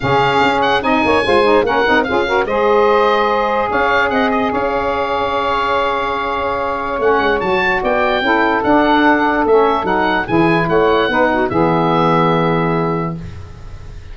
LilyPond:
<<
  \new Staff \with { instrumentName = "oboe" } { \time 4/4 \tempo 4 = 146 f''4. fis''8 gis''2 | fis''4 f''4 dis''2~ | dis''4 f''4 fis''8 dis''8 f''4~ | f''1~ |
f''4 fis''4 a''4 g''4~ | g''4 fis''2 e''4 | fis''4 gis''4 fis''2 | e''1 | }
  \new Staff \with { instrumentName = "saxophone" } { \time 4/4 gis'2 dis''8 cis''8 c''4 | ais'4 gis'8 ais'8 c''2~ | c''4 cis''4 dis''4 cis''4~ | cis''1~ |
cis''2. d''4 | a'1~ | a'4 gis'4 cis''4 b'8 fis'8 | gis'1 | }
  \new Staff \with { instrumentName = "saxophone" } { \time 4/4 cis'2 dis'4 f'8 dis'8 | cis'8 dis'8 f'8 fis'8 gis'2~ | gis'1~ | gis'1~ |
gis'4 cis'4 fis'2 | e'4 d'2 cis'4 | dis'4 e'2 dis'4 | b1 | }
  \new Staff \with { instrumentName = "tuba" } { \time 4/4 cis4 cis'4 c'8 ais8 gis4 | ais8 c'8 cis'4 gis2~ | gis4 cis'4 c'4 cis'4~ | cis'1~ |
cis'4 a8 gis8 fis4 b4 | cis'4 d'2 a4 | fis4 e4 a4 b4 | e1 | }
>>